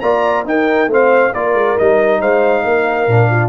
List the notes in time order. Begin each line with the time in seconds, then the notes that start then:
0.00 A#3 F4 D5 A#5
0.45 D#4 A#4 G5
0.87 A3 C4 C5
0.93 F5
1.33 A#3 F4 A#4 D5
1.53 G#3
1.77 G3 D#4 D#5
2.20 G#3 C5 F5
2.64 A#3 A#4
3.07 A#2 D4
3.30 F4